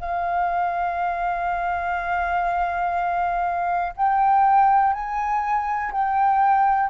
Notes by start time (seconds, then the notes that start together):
0.00 F5
3.97 G5
4.94 G#5
5.92 G5